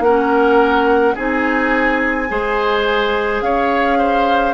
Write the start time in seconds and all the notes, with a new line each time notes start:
0.00 A#3 C#4 A#4 F#5
1.15 C4 D#4 G#4 G#5
2.28 G#3 G#4 C5
3.41 C#4 C#5 F5
3.98 C5